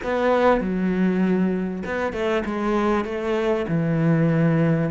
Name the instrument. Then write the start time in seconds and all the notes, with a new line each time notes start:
cello
0.03 B3
0.60 F#3
1.85 B3
2.13 A3
2.45 G#3
3.04 A3
3.68 E3